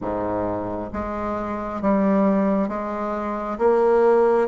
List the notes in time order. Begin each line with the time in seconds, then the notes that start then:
0.01 G#2
0.92 G#3
1.82 G3
2.68 G#3
3.58 A#3